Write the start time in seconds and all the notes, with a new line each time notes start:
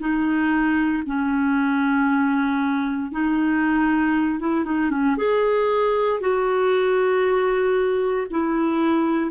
0.00 D#4
1.06 C#4
3.12 D#4
4.40 E4
4.65 D#4
4.90 C#4
5.17 G#4
6.20 F#4
8.30 E4